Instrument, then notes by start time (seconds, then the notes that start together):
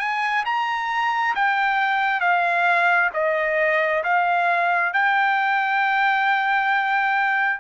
trumpet
0.00 G#5
0.46 A#5
1.36 G5
2.21 F5
3.14 D#5
4.04 F5
4.94 G5